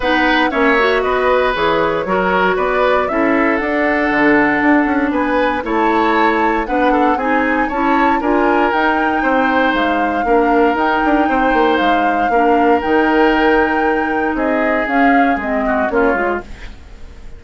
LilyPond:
<<
  \new Staff \with { instrumentName = "flute" } { \time 4/4 \tempo 4 = 117 fis''4 e''4 dis''4 cis''4~ | cis''4 d''4 e''4 fis''4~ | fis''2 gis''4 a''4~ | a''4 fis''4 gis''4 a''4 |
gis''4 g''2 f''4~ | f''4 g''2 f''4~ | f''4 g''2. | dis''4 f''4 dis''4 cis''4 | }
  \new Staff \with { instrumentName = "oboe" } { \time 4/4 b'4 cis''4 b'2 | ais'4 b'4 a'2~ | a'2 b'4 cis''4~ | cis''4 b'8 a'8 gis'4 cis''4 |
ais'2 c''2 | ais'2 c''2 | ais'1 | gis'2~ gis'8 fis'8 f'4 | }
  \new Staff \with { instrumentName = "clarinet" } { \time 4/4 dis'4 cis'8 fis'4. gis'4 | fis'2 e'4 d'4~ | d'2. e'4~ | e'4 d'4 dis'4 e'4 |
f'4 dis'2. | d'4 dis'2. | d'4 dis'2.~ | dis'4 cis'4 c'4 cis'8 f'8 | }
  \new Staff \with { instrumentName = "bassoon" } { \time 4/4 b4 ais4 b4 e4 | fis4 b4 cis'4 d'4 | d4 d'8 cis'8 b4 a4~ | a4 b4 c'4 cis'4 |
d'4 dis'4 c'4 gis4 | ais4 dis'8 d'8 c'8 ais8 gis4 | ais4 dis2. | c'4 cis'4 gis4 ais8 gis8 | }
>>